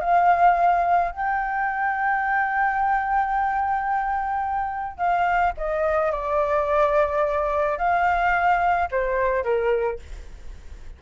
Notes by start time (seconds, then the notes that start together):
0.00 F5
1.11 G5
4.97 F5
5.57 D#5
6.11 D5
7.78 F5
8.91 C5
9.43 A#4